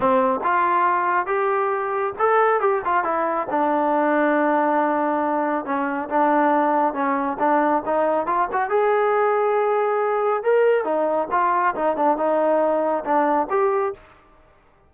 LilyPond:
\new Staff \with { instrumentName = "trombone" } { \time 4/4 \tempo 4 = 138 c'4 f'2 g'4~ | g'4 a'4 g'8 f'8 e'4 | d'1~ | d'4 cis'4 d'2 |
cis'4 d'4 dis'4 f'8 fis'8 | gis'1 | ais'4 dis'4 f'4 dis'8 d'8 | dis'2 d'4 g'4 | }